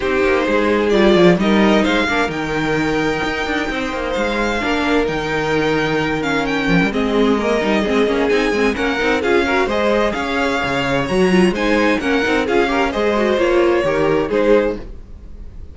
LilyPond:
<<
  \new Staff \with { instrumentName = "violin" } { \time 4/4 \tempo 4 = 130 c''2 d''4 dis''4 | f''4 g''2.~ | g''4 f''2 g''4~ | g''4. f''8 g''4 dis''4~ |
dis''2 gis''4 fis''4 | f''4 dis''4 f''2 | ais''4 gis''4 fis''4 f''4 | dis''4 cis''2 c''4 | }
  \new Staff \with { instrumentName = "violin" } { \time 4/4 g'4 gis'2 ais'4 | c''8 ais'2.~ ais'8 | c''2 ais'2~ | ais'2. gis'4 |
ais'4 gis'2 ais'4 | gis'8 ais'8 c''4 cis''2~ | cis''4 c''4 ais'4 gis'8 ais'8 | c''2 ais'4 gis'4 | }
  \new Staff \with { instrumentName = "viola" } { \time 4/4 dis'2 f'4 dis'4~ | dis'8 d'8 dis'2.~ | dis'2 d'4 dis'4~ | dis'4. cis'4. c'4 |
ais8 dis'8 c'8 cis'8 dis'8 c'8 cis'8 dis'8 | f'8 fis'8 gis'2. | fis'8 f'8 dis'4 cis'8 dis'8 f'8 g'8 | gis'8 fis'8 f'4 g'4 dis'4 | }
  \new Staff \with { instrumentName = "cello" } { \time 4/4 c'8 ais8 gis4 g8 f8 g4 | gis8 ais8 dis2 dis'8 d'8 | c'8 ais8 gis4 ais4 dis4~ | dis2~ dis8 f16 g16 gis4~ |
gis8 g8 gis8 ais8 c'8 gis8 ais8 c'8 | cis'4 gis4 cis'4 cis4 | fis4 gis4 ais8 c'8 cis'4 | gis4 ais4 dis4 gis4 | }
>>